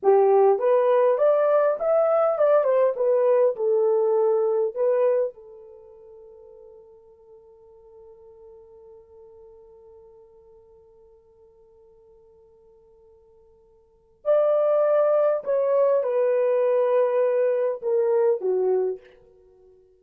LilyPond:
\new Staff \with { instrumentName = "horn" } { \time 4/4 \tempo 4 = 101 g'4 b'4 d''4 e''4 | d''8 c''8 b'4 a'2 | b'4 a'2.~ | a'1~ |
a'1~ | a'1 | d''2 cis''4 b'4~ | b'2 ais'4 fis'4 | }